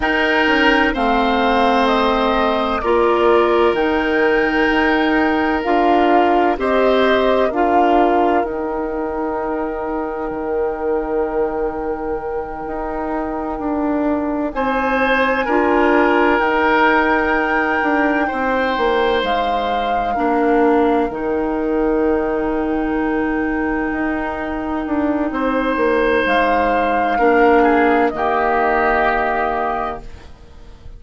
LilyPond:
<<
  \new Staff \with { instrumentName = "flute" } { \time 4/4 \tempo 4 = 64 g''4 f''4 dis''4 d''4 | g''2 f''4 dis''4 | f''4 g''2.~ | g''2.~ g''8 gis''8~ |
gis''4. g''2~ g''8~ | g''8 f''2 g''4.~ | g''1 | f''2 dis''2 | }
  \new Staff \with { instrumentName = "oboe" } { \time 4/4 ais'4 c''2 ais'4~ | ais'2. c''4 | ais'1~ | ais'2.~ ais'8 c''8~ |
c''8 ais'2. c''8~ | c''4. ais'2~ ais'8~ | ais'2. c''4~ | c''4 ais'8 gis'8 g'2 | }
  \new Staff \with { instrumentName = "clarinet" } { \time 4/4 dis'4 c'2 f'4 | dis'2 f'4 g'4 | f'4 dis'2.~ | dis'1~ |
dis'8 f'4 dis'2~ dis'8~ | dis'4. d'4 dis'4.~ | dis'1~ | dis'4 d'4 ais2 | }
  \new Staff \with { instrumentName = "bassoon" } { \time 4/4 dis'8 cis'8 a2 ais4 | dis4 dis'4 d'4 c'4 | d'4 dis'2 dis4~ | dis4. dis'4 d'4 c'8~ |
c'8 d'4 dis'4. d'8 c'8 | ais8 gis4 ais4 dis4.~ | dis4. dis'4 d'8 c'8 ais8 | gis4 ais4 dis2 | }
>>